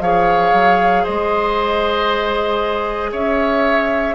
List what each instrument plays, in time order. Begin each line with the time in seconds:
0.00 bassoon F3, clarinet G#4, oboe C#5, flute F5
0.53 bassoon F#3
1.03 bassoon G#3, oboe C5, flute D#5
3.12 bassoon C#4, oboe C#5, flute E5